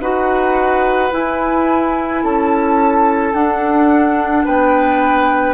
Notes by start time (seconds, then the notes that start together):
0.00 D#4 F#4 B4 F#5
1.10 E4 G#5
2.23 C#4 A4 A5
3.33 D4 F#5
4.44 B3 B4 G5